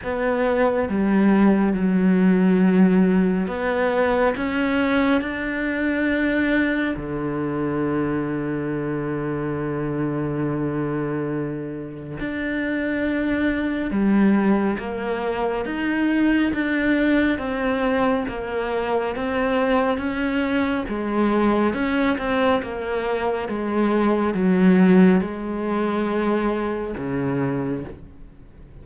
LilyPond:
\new Staff \with { instrumentName = "cello" } { \time 4/4 \tempo 4 = 69 b4 g4 fis2 | b4 cis'4 d'2 | d1~ | d2 d'2 |
g4 ais4 dis'4 d'4 | c'4 ais4 c'4 cis'4 | gis4 cis'8 c'8 ais4 gis4 | fis4 gis2 cis4 | }